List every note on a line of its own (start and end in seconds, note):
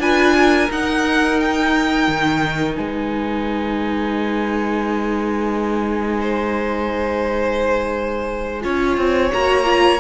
0.00 0.69 D4
0.00 0.71 F4
0.00 0.37 B4
0.00 0.71 G#5
0.38 2.76 A#4
0.71 2.08 D#4
0.71 8.62 D#4
0.71 1.40 F#5
1.40 2.76 G5
2.08 2.77 D#3
2.76 8.65 G#3
2.76 6.21 B4
2.76 9.31 G#5
6.21 8.62 C5
8.62 8.98 C#4
8.62 9.31 F4
8.62 10.00 C#5
8.98 9.32 C4
9.32 10.00 A#3
9.32 9.65 F#4
9.32 10.00 A#5
9.65 10.00 F4